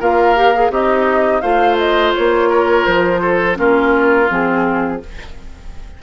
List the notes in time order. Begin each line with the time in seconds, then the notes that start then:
0.00 A#3 F4 A#4 F5
0.36 G4
0.55 G#4
0.70 C4 D#4 G4 D#5
1.41 A3 F4 C5 F5
1.78 D#5
2.14 A#3 C#5
2.49 A#4
2.86 F3 C5
3.22 A4
3.55 A#3 C#4 F4 A#4
4.29 F3 C4 G#4